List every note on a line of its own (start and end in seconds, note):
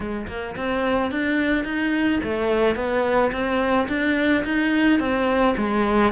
0.00 0.26 G#3
0.27 0.55 A#3
0.56 1.11 C4
1.11 1.64 D4
1.64 2.20 D#4
2.23 2.75 A3
2.75 3.31 B3
3.32 3.87 C4
3.88 4.44 D4
4.44 4.99 D#4
4.99 5.55 C4
5.57 6.12 G#3